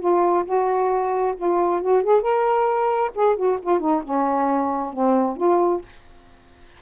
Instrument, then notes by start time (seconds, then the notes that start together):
saxophone
0.00 F4
0.45 F#4
1.37 F4
1.81 F#4
2.03 G#4
2.21 A#4
3.15 G#4
3.36 F#4
3.62 F4
3.80 D#4
4.04 C#4
4.93 C4
5.37 F4